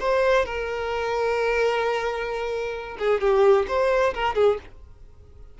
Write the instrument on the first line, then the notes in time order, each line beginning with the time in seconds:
violin
0.00 C5
0.46 A#4
2.99 G#4
3.21 G4
3.68 C5
4.14 A#4
4.35 G#4